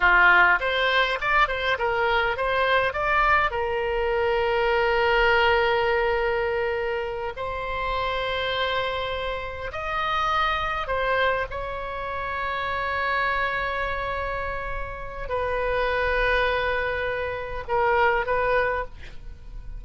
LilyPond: \new Staff \with { instrumentName = "oboe" } { \time 4/4 \tempo 4 = 102 f'4 c''4 d''8 c''8 ais'4 | c''4 d''4 ais'2~ | ais'1~ | ais'8 c''2.~ c''8~ |
c''8 dis''2 c''4 cis''8~ | cis''1~ | cis''2 b'2~ | b'2 ais'4 b'4 | }